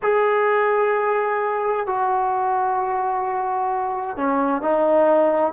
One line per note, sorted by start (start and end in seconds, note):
0.02 1.86 G#4
1.86 4.16 F#4
4.16 4.62 C#4
4.62 5.52 D#4